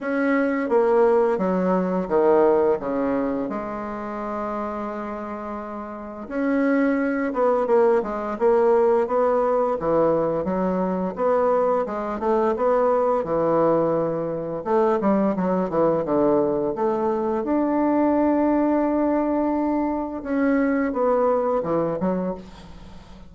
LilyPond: \new Staff \with { instrumentName = "bassoon" } { \time 4/4 \tempo 4 = 86 cis'4 ais4 fis4 dis4 | cis4 gis2.~ | gis4 cis'4. b8 ais8 gis8 | ais4 b4 e4 fis4 |
b4 gis8 a8 b4 e4~ | e4 a8 g8 fis8 e8 d4 | a4 d'2.~ | d'4 cis'4 b4 e8 fis8 | }